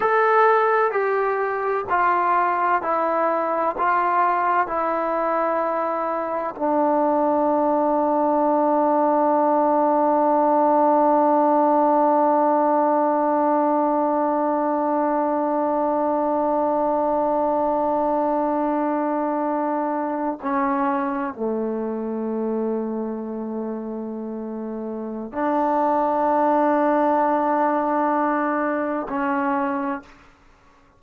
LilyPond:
\new Staff \with { instrumentName = "trombone" } { \time 4/4 \tempo 4 = 64 a'4 g'4 f'4 e'4 | f'4 e'2 d'4~ | d'1~ | d'1~ |
d'1~ | d'4.~ d'16 cis'4 a4~ a16~ | a2. d'4~ | d'2. cis'4 | }